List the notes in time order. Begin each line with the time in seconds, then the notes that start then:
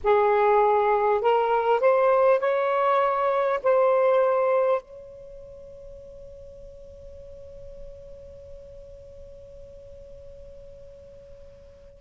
0.03 G#4
1.21 A#4
1.79 C5
2.39 C#5
3.63 C5
4.81 C#5